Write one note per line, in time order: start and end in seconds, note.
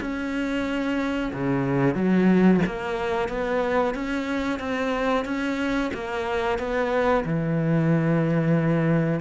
0.00 1.32 C#4
1.33 1.95 C#3
1.95 2.60 F#3
2.66 3.28 A#3
3.28 3.94 B3
3.94 4.59 C#4
4.59 5.24 C4
5.24 5.90 C#4
5.94 6.58 A#3
6.58 7.24 B3
7.25 9.20 E3